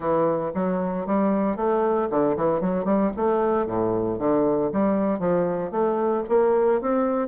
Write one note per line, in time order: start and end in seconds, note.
0.00 0.51 E3
0.54 1.06 F#3
1.06 1.56 G3
1.56 2.08 A3
2.10 2.36 D3
2.36 2.61 E3
2.61 2.85 F#3
2.85 3.11 G3
3.16 3.66 A3
3.66 4.18 A2
4.19 4.71 D3
4.72 5.19 G3
5.19 5.71 F3
5.71 6.23 A3
6.28 6.81 A#3
6.81 7.28 C4